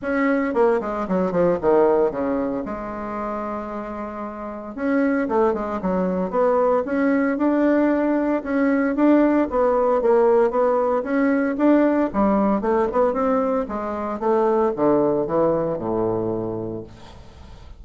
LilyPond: \new Staff \with { instrumentName = "bassoon" } { \time 4/4 \tempo 4 = 114 cis'4 ais8 gis8 fis8 f8 dis4 | cis4 gis2.~ | gis4 cis'4 a8 gis8 fis4 | b4 cis'4 d'2 |
cis'4 d'4 b4 ais4 | b4 cis'4 d'4 g4 | a8 b8 c'4 gis4 a4 | d4 e4 a,2 | }